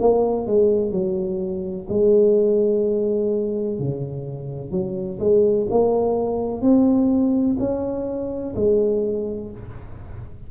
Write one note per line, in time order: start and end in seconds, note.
0.00 0.47 A#3
0.47 0.92 G#3
0.92 1.87 F#3
1.89 3.80 G#3
3.80 4.71 C#3
4.71 5.19 F#3
5.20 5.68 G#3
5.70 6.61 A#3
6.61 7.57 C4
7.59 8.55 C#4
8.56 9.52 G#3